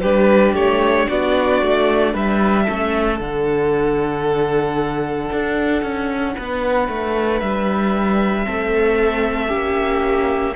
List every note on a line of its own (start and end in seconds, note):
0.00 0.54 G3
0.00 2.66 D4
0.00 1.07 G4
0.00 0.53 B4
0.54 1.07 A3
0.54 1.09 C#5
1.08 1.62 B3
1.08 2.13 F#4
1.08 2.14 D5
1.62 2.14 A3
2.13 2.67 G3
2.13 2.64 B4
2.13 3.20 E5
2.64 3.20 A3
2.64 3.19 C#4
2.64 6.32 A4
3.19 5.30 D3
3.19 8.44 D4
3.19 7.40 F#5
5.32 5.82 D4
5.82 6.35 C#4
6.36 6.88 B3
6.36 8.45 B4
6.88 7.41 A3
7.40 8.46 G3
7.40 10.55 E5
8.44 9.53 A3
8.44 9.49 C4
8.44 9.48 A4
9.48 10.55 A#3
9.48 10.54 C#4
9.48 10.54 G4